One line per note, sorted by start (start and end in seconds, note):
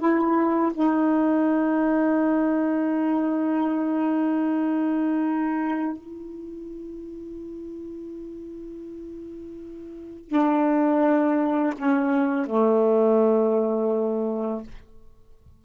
0.00 0.72 E4
0.74 5.97 D#4
5.97 10.29 E4
10.29 11.74 D4
11.78 12.46 C#4
12.46 14.63 A3